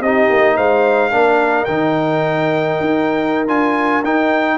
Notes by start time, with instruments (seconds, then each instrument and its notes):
0.00 tuba C4, trombone D#4, horn G4, trumpet D#5
0.30 tuba A#3
0.55 tuba G#3, horn C5, trumpet F5
1.10 tuba A#3, trombone D4, horn A#4
1.64 tuba D#3, trombone D#4, trumpet G5
2.80 tuba D#4
3.47 tuba D4, trombone F4, trumpet G#5
4.03 tuba D#4, trombone D#4, trumpet G5